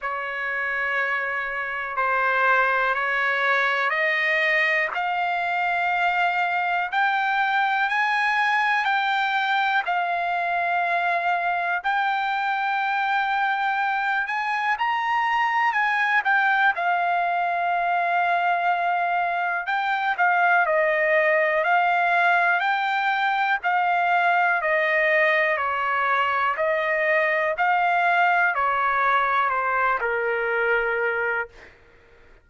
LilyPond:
\new Staff \with { instrumentName = "trumpet" } { \time 4/4 \tempo 4 = 61 cis''2 c''4 cis''4 | dis''4 f''2 g''4 | gis''4 g''4 f''2 | g''2~ g''8 gis''8 ais''4 |
gis''8 g''8 f''2. | g''8 f''8 dis''4 f''4 g''4 | f''4 dis''4 cis''4 dis''4 | f''4 cis''4 c''8 ais'4. | }